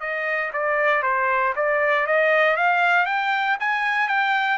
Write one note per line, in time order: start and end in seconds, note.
0.00 0.51 D#5
0.53 1.02 D5
1.02 1.54 C5
1.55 2.06 D5
2.06 2.56 D#5
2.56 3.06 F5
3.06 3.57 G5
3.59 4.08 G#5
4.08 4.58 G5